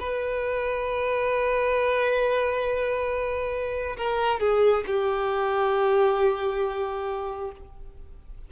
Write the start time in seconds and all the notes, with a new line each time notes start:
0.00 B4
3.97 A#4
4.40 G#4
4.87 G4